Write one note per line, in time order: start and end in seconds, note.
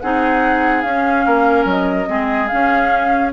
0.00 0.84 C4
0.00 0.86 D#4
0.00 1.26 G#4
0.00 0.82 F#5
0.82 1.26 C#4
0.82 2.07 C#4
0.82 1.65 F5
1.26 1.65 A#3
1.26 2.09 A#4
1.65 2.06 F#3
1.65 2.48 D#5
2.07 2.51 G#3
2.07 2.48 C4
2.07 3.33 G#4
2.48 3.33 C#4
2.48 3.30 F5